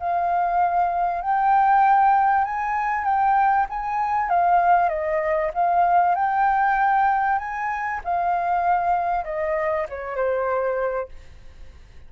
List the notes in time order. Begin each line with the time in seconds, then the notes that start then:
0.00 F5
1.21 G5
2.45 G#5
3.04 G5
3.70 G#5
4.30 F5
4.89 D#5
5.54 F5
6.15 G5
7.39 G#5
8.04 F5
9.25 D#5
9.89 C#5
10.16 C5